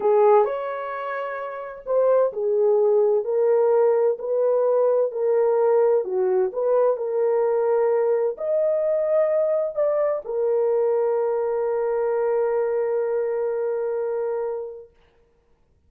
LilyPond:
\new Staff \with { instrumentName = "horn" } { \time 4/4 \tempo 4 = 129 gis'4 cis''2. | c''4 gis'2 ais'4~ | ais'4 b'2 ais'4~ | ais'4 fis'4 b'4 ais'4~ |
ais'2 dis''2~ | dis''4 d''4 ais'2~ | ais'1~ | ais'1 | }